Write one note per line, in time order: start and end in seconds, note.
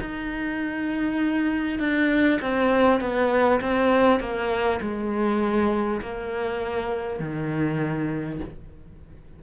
0.00 1.79 D#4
1.79 2.39 D4
2.41 3.00 C4
3.00 3.60 B3
3.60 4.19 C4
4.19 4.79 A#3
4.81 6.01 G#3
6.01 7.19 A#3
7.19 8.39 D#3